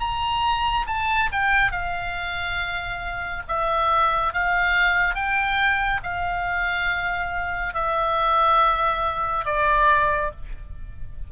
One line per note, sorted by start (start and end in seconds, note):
0.00 0.86 A#5
0.86 1.29 A5
1.32 1.71 G5
1.71 3.42 F5
3.48 4.33 E5
4.33 5.14 F5
5.14 6.00 G5
6.03 7.74 F5
7.74 9.45 E5
9.45 10.31 D5